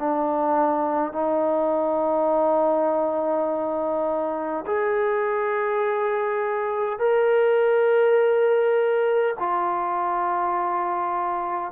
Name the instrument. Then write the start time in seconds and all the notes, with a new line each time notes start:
trombone
0.00 D4
1.13 D#4
4.67 G#4
6.99 A#4
9.40 F4